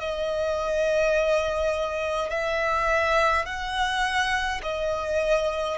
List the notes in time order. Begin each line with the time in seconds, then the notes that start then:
0.00 D#5
2.30 E5
3.46 F#5
4.63 D#5